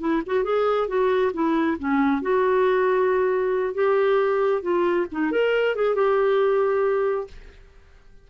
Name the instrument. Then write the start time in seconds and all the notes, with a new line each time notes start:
clarinet
0.00 E4
0.26 F#4
0.44 G#4
0.87 F#4
1.33 E4
1.78 C#4
2.22 F#4
3.74 G4
4.62 F4
5.12 D#4
5.31 A#4
5.75 G#4
5.95 G4